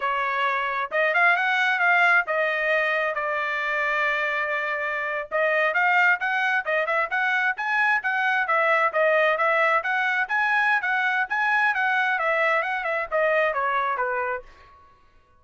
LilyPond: \new Staff \with { instrumentName = "trumpet" } { \time 4/4 \tempo 4 = 133 cis''2 dis''8 f''8 fis''4 | f''4 dis''2 d''4~ | d''2.~ d''8. dis''16~ | dis''8. f''4 fis''4 dis''8 e''8 fis''16~ |
fis''8. gis''4 fis''4 e''4 dis''16~ | dis''8. e''4 fis''4 gis''4~ gis''16 | fis''4 gis''4 fis''4 e''4 | fis''8 e''8 dis''4 cis''4 b'4 | }